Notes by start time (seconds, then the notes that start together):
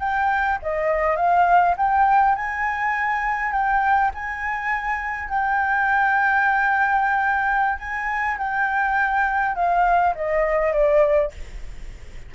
0.00 G5
0.62 D#5
1.17 F5
1.77 G5
2.36 G#5
3.52 G5
4.14 G#5
5.29 G5
7.79 G#5
8.38 G5
9.56 F5
10.15 D#5
10.73 D5